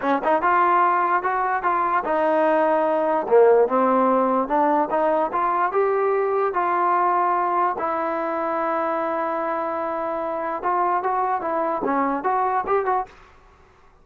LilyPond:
\new Staff \with { instrumentName = "trombone" } { \time 4/4 \tempo 4 = 147 cis'8 dis'8 f'2 fis'4 | f'4 dis'2. | ais4 c'2 d'4 | dis'4 f'4 g'2 |
f'2. e'4~ | e'1~ | e'2 f'4 fis'4 | e'4 cis'4 fis'4 g'8 fis'8 | }